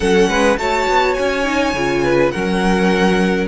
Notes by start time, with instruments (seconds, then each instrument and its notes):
0.00 cello F#3, viola C#4, violin A4 F#5
0.28 cello G#3, violin B4
0.57 cello A3, viola F#4, violin C#5 A5
0.87 cello B3
1.13 cello C#4, violin G#5
1.44 viola D#4
1.73 cello C#3, viola F4
2.03 violin B4
2.31 cello F#3, viola C#4, violin A#4 F#5